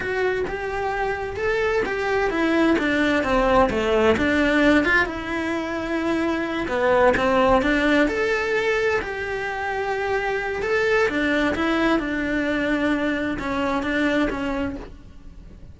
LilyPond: \new Staff \with { instrumentName = "cello" } { \time 4/4 \tempo 4 = 130 fis'4 g'2 a'4 | g'4 e'4 d'4 c'4 | a4 d'4. f'8 e'4~ | e'2~ e'8 b4 c'8~ |
c'8 d'4 a'2 g'8~ | g'2. a'4 | d'4 e'4 d'2~ | d'4 cis'4 d'4 cis'4 | }